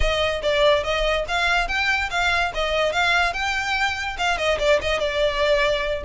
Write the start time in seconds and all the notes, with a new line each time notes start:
0.00 D#5
0.42 D5
0.83 D#5
1.27 F5
1.68 G5
2.10 F5
2.54 D#5
2.92 F5
3.33 G5
4.18 F5
4.37 D#5
4.59 D5
4.81 D#5
4.99 D5